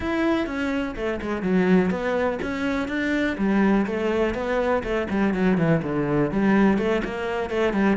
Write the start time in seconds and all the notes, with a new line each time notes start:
0.00 E4
0.46 C#4
0.96 A3
1.21 G#3
1.42 F#3
1.90 B3
2.42 C#4
2.88 D4
3.37 G3
3.86 A3
4.34 B3
4.83 A3
5.09 G3
5.34 F#3
5.57 E3
5.83 D3
6.31 G3
6.77 A3
7.04 A#3
7.50 A3
7.73 G3